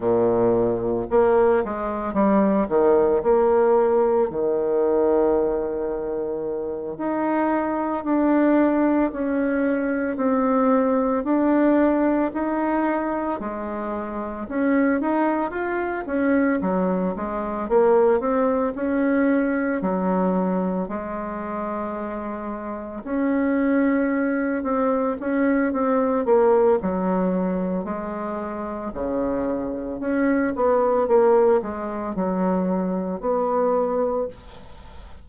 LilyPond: \new Staff \with { instrumentName = "bassoon" } { \time 4/4 \tempo 4 = 56 ais,4 ais8 gis8 g8 dis8 ais4 | dis2~ dis8 dis'4 d'8~ | d'8 cis'4 c'4 d'4 dis'8~ | dis'8 gis4 cis'8 dis'8 f'8 cis'8 fis8 |
gis8 ais8 c'8 cis'4 fis4 gis8~ | gis4. cis'4. c'8 cis'8 | c'8 ais8 fis4 gis4 cis4 | cis'8 b8 ais8 gis8 fis4 b4 | }